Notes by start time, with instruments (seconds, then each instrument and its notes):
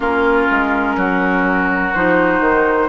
0.00 bassoon A#3, clarinet C#4, oboe F4, flute A#4
0.50 bassoon G#3
0.96 bassoon F#3, oboe F#4
1.94 bassoon F3, clarinet D#4, flute C5
2.40 bassoon D#3